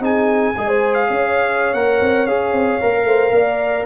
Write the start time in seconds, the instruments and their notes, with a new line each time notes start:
0.00 tuba C4, trombone D#4, horn G#4, trumpet G#5
0.57 tuba G#3, trombone G#4, horn D#5
0.68 horn C5
0.94 trumpet F5
1.08 tuba C#4, horn C#5
1.74 tuba A#3, trombone A#4, trumpet F#5
2.01 tuba C4
2.27 tuba C#4, trombone G#4, trumpet F5
2.52 tuba C4
2.81 tuba A#3, trombone A#4
3.04 tuba A3, horn C5
3.31 tuba A#3, horn D5